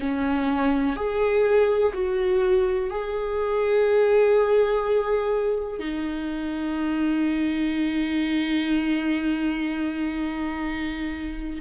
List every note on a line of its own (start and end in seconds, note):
0.00 0.96 C#4
0.96 1.93 G#4
1.94 2.90 F#4
2.90 5.80 G#4
5.80 11.60 D#4